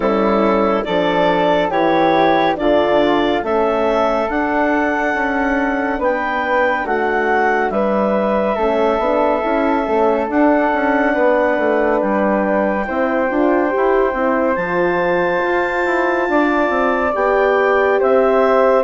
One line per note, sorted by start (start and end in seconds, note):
0.00 0.83 G3
0.00 0.85 C#4
0.00 0.83 E4
0.00 0.84 A4
0.84 1.70 F3
0.84 1.71 D4
0.84 1.70 A4
0.84 1.69 D5
1.70 2.56 E3
1.70 2.55 E4
1.70 2.56 G4
1.70 2.56 C#5
2.55 3.42 D3
2.55 3.41 D4
2.55 3.44 F4
2.55 3.42 D5
3.42 4.28 A3
3.42 4.29 C#4
3.42 5.99 A4
3.42 4.29 E5
4.28 5.14 D4
4.28 8.57 D4
4.28 6.01 F#5
5.14 5.98 C#4
5.98 6.84 B3
5.98 6.85 B4
5.98 6.86 G5
6.84 7.70 A3
6.84 7.71 F#4
6.84 7.69 F#5
7.69 8.56 G3
7.69 8.55 B4
7.69 10.27 E5
8.55 8.99 A3
8.55 9.00 C#4
8.55 11.12 A4
8.99 9.41 B3
8.99 9.41 D4
9.41 9.87 C#4
9.41 9.83 E4
9.87 10.29 A3
9.87 10.27 C#4
10.27 12.84 D4
10.27 10.72 D4
10.27 12.00 F#5
10.73 11.16 C#4
11.13 11.57 B3
11.13 12.85 B4
11.57 12.00 A3
12.00 12.87 G3
12.00 14.55 G5
12.84 13.30 C4
12.84 13.27 E4
12.84 16.29 C5
13.27 13.73 D4
13.27 13.69 F4
13.69 14.12 G4
13.76 14.13 E4
14.13 14.56 C4
14.13 14.56 E4
14.55 15.42 F3
14.55 17.13 F4
14.55 17.12 A5
15.44 15.85 F4
15.85 16.28 E4
16.28 16.69 D4
16.28 17.99 D5
16.69 17.12 C4
17.13 18.01 B3
17.13 18.84 G4
17.13 18.00 G5
17.99 18.84 C4
17.99 18.84 C5
17.99 18.84 E5